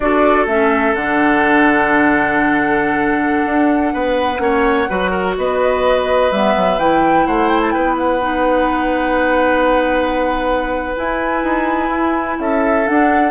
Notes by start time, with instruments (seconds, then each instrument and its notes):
0.00 bassoon D4, clarinet F#4, oboe A4, flute D5
0.46 bassoon A3, clarinet C#4, flute E5
0.94 bassoon D3, clarinet D4, flute F#5
3.45 bassoon D4
3.93 bassoon B3, oboe B4
4.38 bassoon A#3, clarinet C#4, oboe C#5
4.89 bassoon F#3, clarinet F#4, oboe B4
5.10 oboe A#4
5.37 bassoon B3, oboe B4, flute D#5
6.31 bassoon G3, clarinet B3, flute E5
6.56 bassoon F#3
6.78 bassoon E3, clarinet E4, flute G5
7.26 bassoon A3, oboe C5, flute F#5
7.48 flute G5
7.62 flute A5
7.71 bassoon B3, oboe B4, flute G5
7.97 flute F#5
8.20 clarinet D#4
10.95 clarinet E4, bassoon E4, flute G#5
11.43 bassoon D#4
11.88 bassoon E4
12.39 bassoon C#4, oboe A4, flute E5
12.85 clarinet D4, bassoon D4, flute F#5